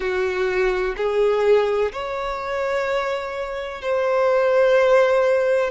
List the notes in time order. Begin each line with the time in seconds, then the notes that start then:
0.00 F#4
0.97 G#4
1.92 C#5
3.81 C5